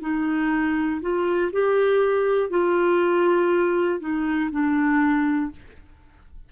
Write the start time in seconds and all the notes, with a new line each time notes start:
0.00 D#4
1.00 F4
1.52 G4
2.50 F4
4.00 D#4
4.50 D4